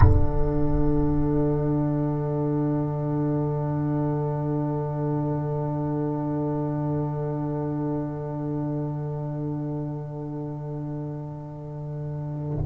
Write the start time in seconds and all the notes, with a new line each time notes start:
0.00 D3 D4 A4 F#5